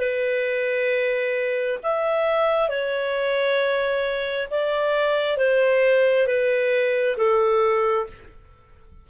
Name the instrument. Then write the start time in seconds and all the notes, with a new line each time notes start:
clarinet
0.00 B4
1.84 E5
2.70 C#5
4.51 D5
5.38 C5
6.27 B4
7.18 A4